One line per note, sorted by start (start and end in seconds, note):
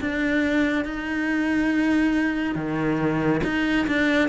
0.00 0.85 D4
0.85 2.55 D#4
2.55 3.41 D#3
3.43 3.86 D#4
3.87 4.28 D4